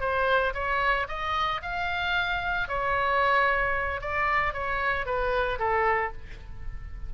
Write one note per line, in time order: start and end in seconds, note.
0.00 0.53 C5
0.54 1.07 C#5
1.08 1.61 D#5
1.62 2.68 F5
2.68 4.01 C#5
4.01 4.53 D5
4.53 5.05 C#5
5.05 5.58 B4
5.59 6.12 A4